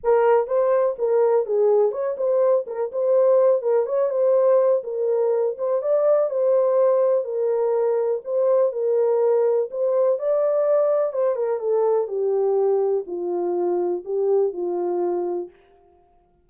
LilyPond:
\new Staff \with { instrumentName = "horn" } { \time 4/4 \tempo 4 = 124 ais'4 c''4 ais'4 gis'4 | cis''8 c''4 ais'8 c''4. ais'8 | cis''8 c''4. ais'4. c''8 | d''4 c''2 ais'4~ |
ais'4 c''4 ais'2 | c''4 d''2 c''8 ais'8 | a'4 g'2 f'4~ | f'4 g'4 f'2 | }